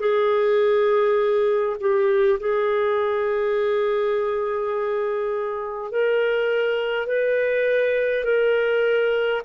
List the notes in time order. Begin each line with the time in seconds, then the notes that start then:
0.00 G#4
1.80 G4
2.40 G#4
5.91 A#4
7.06 B4
8.24 A#4